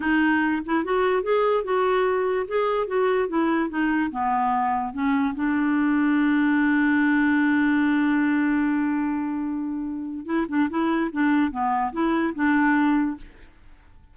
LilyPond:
\new Staff \with { instrumentName = "clarinet" } { \time 4/4 \tempo 4 = 146 dis'4. e'8 fis'4 gis'4 | fis'2 gis'4 fis'4 | e'4 dis'4 b2 | cis'4 d'2.~ |
d'1~ | d'1~ | d'4 e'8 d'8 e'4 d'4 | b4 e'4 d'2 | }